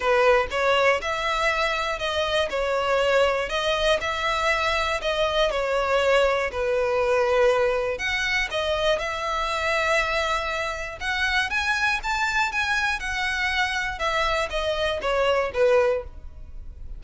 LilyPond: \new Staff \with { instrumentName = "violin" } { \time 4/4 \tempo 4 = 120 b'4 cis''4 e''2 | dis''4 cis''2 dis''4 | e''2 dis''4 cis''4~ | cis''4 b'2. |
fis''4 dis''4 e''2~ | e''2 fis''4 gis''4 | a''4 gis''4 fis''2 | e''4 dis''4 cis''4 b'4 | }